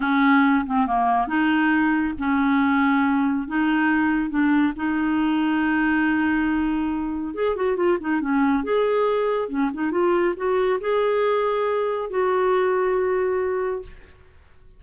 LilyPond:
\new Staff \with { instrumentName = "clarinet" } { \time 4/4 \tempo 4 = 139 cis'4. c'8 ais4 dis'4~ | dis'4 cis'2. | dis'2 d'4 dis'4~ | dis'1~ |
dis'4 gis'8 fis'8 f'8 dis'8 cis'4 | gis'2 cis'8 dis'8 f'4 | fis'4 gis'2. | fis'1 | }